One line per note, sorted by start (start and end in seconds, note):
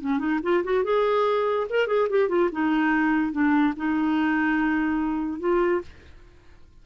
0.00 0.18 C#4
0.18 0.39 D#4
0.42 0.63 F4
0.63 0.83 F#4
0.83 1.67 G#4
1.69 1.87 A#4
1.87 2.08 G#4
2.09 2.28 G4
2.28 2.49 F4
2.52 3.31 D#4
3.31 3.73 D4
3.76 5.39 D#4
5.39 5.81 F4